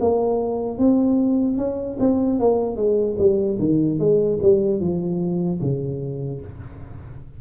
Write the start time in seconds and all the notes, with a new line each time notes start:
0.00 A#3
0.78 C4
1.57 C#4
1.99 C4
2.39 A#3
2.76 G#3
3.18 G3
3.59 D#3
3.99 G#3
4.42 G3
4.80 F3
5.61 C#3